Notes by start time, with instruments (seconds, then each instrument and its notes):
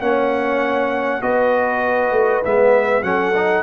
0.00 tuba A#3, trombone C#4, horn C#5, trumpet F#5
1.22 tuba B3, trombone F#4, horn B4, trumpet D#5
2.12 tuba A3
2.44 tuba G#3, trombone B3, trumpet E5
3.03 tuba F#3, trombone C#4, horn A4, trumpet F#5
3.35 trombone D#4